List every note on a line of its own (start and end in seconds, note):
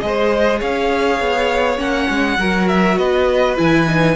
0.00 0.61 G#3
0.00 1.77 G#4
0.00 0.59 C5
0.00 0.59 D#5
0.59 1.20 C#4
0.59 2.37 C#5
0.59 1.79 F5
1.20 1.78 B3
1.77 2.08 A#3
1.77 2.37 C#4
1.77 2.68 F#5
2.10 2.38 G#3
2.38 2.97 F#3
2.38 3.57 F#4
2.38 2.98 A#4
2.68 2.98 E5
2.98 3.57 B3
2.98 4.16 B4
2.98 3.57 D#5
3.57 4.16 E3
3.57 3.86 E4
3.57 4.16 G#5
3.87 4.16 D#4